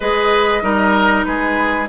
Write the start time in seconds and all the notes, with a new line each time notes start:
0.00 G#3 G#4 B4 D#5
0.61 G3 D#4 A#4
1.24 G#3 G#4 B4